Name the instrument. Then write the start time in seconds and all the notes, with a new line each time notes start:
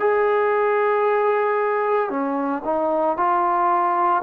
trombone
0.00 G#4
2.10 C#4
2.65 D#4
3.17 F4